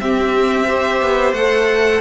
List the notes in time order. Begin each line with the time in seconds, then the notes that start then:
0.00 C4 G4 E5
0.67 G4 C5
1.02 B3
1.33 A3 A4 F#5